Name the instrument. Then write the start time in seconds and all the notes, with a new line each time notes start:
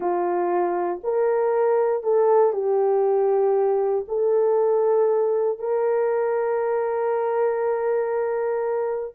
horn
0.00 F4
1.03 A#4
2.03 A4
2.52 G4
4.07 A4
5.58 A#4